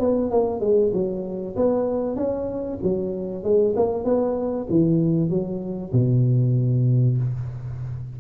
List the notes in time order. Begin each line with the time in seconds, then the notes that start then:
0.00 B3
0.31 A#3
0.61 G#3
0.94 F#3
1.56 B3
2.16 C#4
2.83 F#3
3.44 G#3
3.76 A#3
4.05 B3
4.70 E3
5.30 F#3
5.93 B2